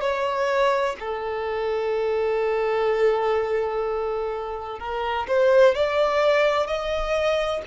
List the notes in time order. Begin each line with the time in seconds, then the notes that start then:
0.00 C#5
0.99 A4
4.79 A#4
5.27 C5
5.74 D5
6.67 D#5